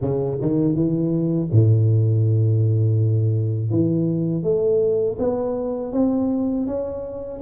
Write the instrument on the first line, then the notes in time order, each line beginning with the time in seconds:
tuba
0.01 C#3
0.41 D#3
0.75 E3
1.52 A2
3.70 E3
4.43 A3
5.18 B3
5.92 C4
6.66 C#4